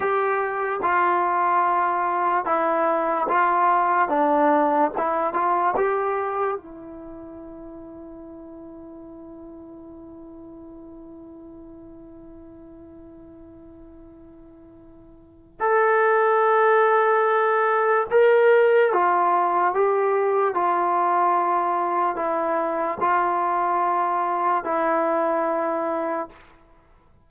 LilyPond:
\new Staff \with { instrumentName = "trombone" } { \time 4/4 \tempo 4 = 73 g'4 f'2 e'4 | f'4 d'4 e'8 f'8 g'4 | e'1~ | e'1~ |
e'2. a'4~ | a'2 ais'4 f'4 | g'4 f'2 e'4 | f'2 e'2 | }